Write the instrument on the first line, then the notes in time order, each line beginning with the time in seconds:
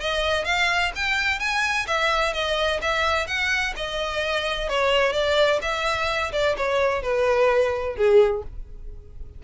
violin
0.00 D#5
0.45 F5
0.95 G5
1.39 G#5
1.87 E5
2.33 D#5
2.82 E5
3.27 F#5
3.76 D#5
4.69 C#5
5.13 D5
5.62 E5
6.32 D5
6.57 C#5
7.02 B4
7.96 G#4